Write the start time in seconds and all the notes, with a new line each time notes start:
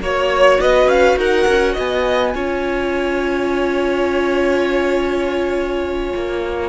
0.00 A#3 F#4 C#5
0.60 B3 B4 D#5
0.86 C#4 F5
1.16 D#4 A#4 F#5
1.47 C#4
1.73 B3 D#5 G#5
2.34 C#4 F4 C#5
6.15 A#3